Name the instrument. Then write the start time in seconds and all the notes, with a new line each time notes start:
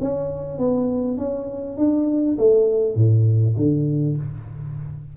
tuba
0.00 C#4
0.58 B3
1.18 C#4
1.77 D4
2.38 A3
2.95 A2
3.56 D3